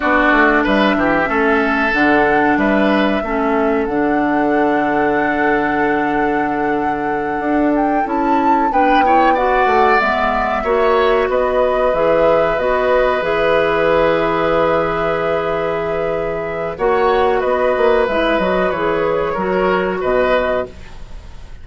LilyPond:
<<
  \new Staff \with { instrumentName = "flute" } { \time 4/4 \tempo 4 = 93 d''4 e''2 fis''4 | e''2 fis''2~ | fis''1 | g''8 a''4 g''4 fis''4 e''8~ |
e''4. dis''4 e''4 dis''8~ | dis''8 e''2.~ e''8~ | e''2 fis''4 dis''4 | e''8 dis''8 cis''2 dis''4 | }
  \new Staff \with { instrumentName = "oboe" } { \time 4/4 fis'4 b'8 g'8 a'2 | b'4 a'2.~ | a'1~ | a'4. b'8 cis''8 d''4.~ |
d''8 cis''4 b'2~ b'8~ | b'1~ | b'2 cis''4 b'4~ | b'2 ais'4 b'4 | }
  \new Staff \with { instrumentName = "clarinet" } { \time 4/4 d'2 cis'4 d'4~ | d'4 cis'4 d'2~ | d'1~ | d'8 e'4 d'8 e'8 fis'4 b8~ |
b8 fis'2 gis'4 fis'8~ | fis'8 gis'2.~ gis'8~ | gis'2 fis'2 | e'8 fis'8 gis'4 fis'2 | }
  \new Staff \with { instrumentName = "bassoon" } { \time 4/4 b8 a8 g8 e8 a4 d4 | g4 a4 d2~ | d2.~ d8 d'8~ | d'8 cis'4 b4. a8 gis8~ |
gis8 ais4 b4 e4 b8~ | b8 e2.~ e8~ | e2 ais4 b8 ais8 | gis8 fis8 e4 fis4 b,4 | }
>>